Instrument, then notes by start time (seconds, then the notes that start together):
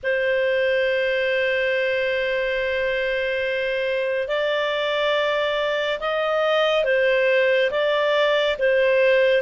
clarinet
0.03 C5
4.27 D5
6.00 D#5
6.84 C5
7.71 D5
8.58 C5